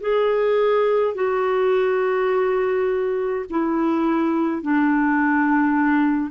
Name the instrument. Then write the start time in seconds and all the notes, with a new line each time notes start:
clarinet
0.00 G#4
1.14 F#4
3.50 E4
4.62 D4